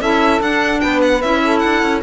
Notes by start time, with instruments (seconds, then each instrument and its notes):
0.00 cello C#4, clarinet E4, saxophone A4, violin E5
0.40 clarinet D4, cello D4, violin F#5
0.80 cello B3, saxophone B4, violin G5
1.02 violin F#5
1.22 cello C#4, clarinet E4, violin E5
1.44 saxophone A4
1.59 cello D4, violin F#5
1.82 cello C#4